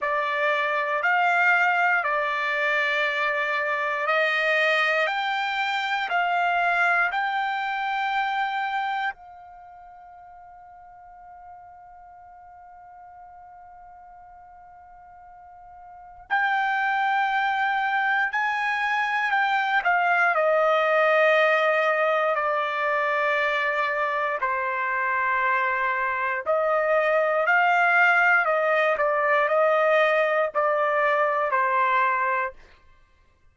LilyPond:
\new Staff \with { instrumentName = "trumpet" } { \time 4/4 \tempo 4 = 59 d''4 f''4 d''2 | dis''4 g''4 f''4 g''4~ | g''4 f''2.~ | f''1 |
g''2 gis''4 g''8 f''8 | dis''2 d''2 | c''2 dis''4 f''4 | dis''8 d''8 dis''4 d''4 c''4 | }